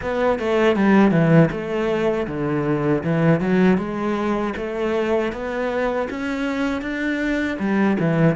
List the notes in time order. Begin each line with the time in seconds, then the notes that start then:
0.02 B3
0.39 A3
0.76 G3
1.11 E3
1.51 A3
2.27 D3
3.03 E3
3.40 F#3
3.77 G#3
4.56 A3
5.32 B3
6.10 C#4
6.81 D4
7.59 G3
7.99 E3